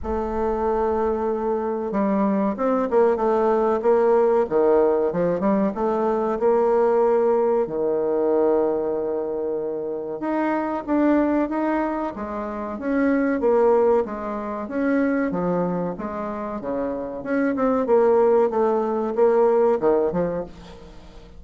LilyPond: \new Staff \with { instrumentName = "bassoon" } { \time 4/4 \tempo 4 = 94 a2. g4 | c'8 ais8 a4 ais4 dis4 | f8 g8 a4 ais2 | dis1 |
dis'4 d'4 dis'4 gis4 | cis'4 ais4 gis4 cis'4 | f4 gis4 cis4 cis'8 c'8 | ais4 a4 ais4 dis8 f8 | }